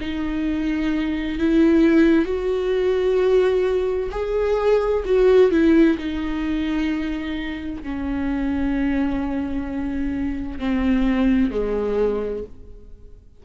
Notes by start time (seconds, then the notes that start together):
0.00 D#4
1.38 E4
2.25 F#4
4.11 G#4
5.05 F#4
5.51 E4
5.98 D#4
7.83 C#4
10.59 C4
11.51 G#3